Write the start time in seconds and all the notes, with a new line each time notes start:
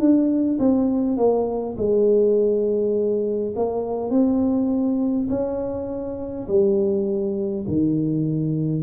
0.00 D4
0.59 C4
1.18 A#3
1.78 G#3
3.56 A#3
4.11 C4
5.30 C#4
6.48 G3
7.68 D#3